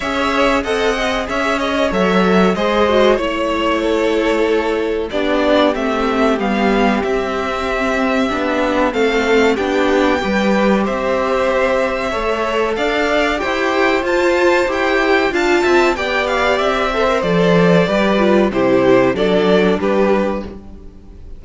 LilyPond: <<
  \new Staff \with { instrumentName = "violin" } { \time 4/4 \tempo 4 = 94 e''4 fis''4 e''8 dis''8 e''4 | dis''4 cis''2. | d''4 e''4 f''4 e''4~ | e''2 f''4 g''4~ |
g''4 e''2. | f''4 g''4 a''4 g''4 | a''4 g''8 f''8 e''4 d''4~ | d''4 c''4 d''4 b'4 | }
  \new Staff \with { instrumentName = "violin" } { \time 4/4 cis''4 dis''4 cis''2 | c''4 cis''4 a'2 | g'1~ | g'2 a'4 g'4 |
b'4 c''2 cis''4 | d''4 c''2. | f''8 e''8 d''4. c''4. | b'4 g'4 a'4 g'4 | }
  \new Staff \with { instrumentName = "viola" } { \time 4/4 gis'4 a'8 gis'4. a'4 | gis'8 fis'8 e'2. | d'4 c'4 b4 c'4~ | c'4 d'4 c'4 d'4 |
g'2. a'4~ | a'4 g'4 f'4 g'4 | f'4 g'4. a'16 ais'16 a'4 | g'8 f'8 e'4 d'2 | }
  \new Staff \with { instrumentName = "cello" } { \time 4/4 cis'4 c'4 cis'4 fis4 | gis4 a2. | b4 a4 g4 c'4~ | c'4 b4 a4 b4 |
g4 c'2 a4 | d'4 e'4 f'4 e'4 | d'8 c'8 b4 c'4 f4 | g4 c4 fis4 g4 | }
>>